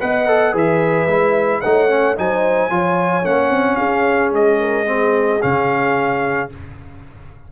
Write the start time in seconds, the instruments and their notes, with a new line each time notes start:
0.00 tuba B3, trombone B4, horn D#5, trumpet F#5
0.27 trombone A4
0.53 tuba E3, trombone G#4, horn B4, trumpet E5
1.07 tuba G#3, trombone E4
1.61 tuba A3, trombone D#4, horn C#5, trumpet F#5
1.89 trombone C#4
2.16 tuba F#3, trombone D#4, horn C5, trumpet G#5
2.70 tuba F3, trombone F4, horn C#5
3.24 tuba A#3, trombone C#4, trumpet F#5
3.50 tuba C4
3.76 tuba C#4, horn G#4, trumpet F5
4.32 tuba G#3, trumpet D#5
4.60 horn A#4
4.86 trombone C4, horn G#4
5.42 tuba C#3, trombone C#4, trumpet F5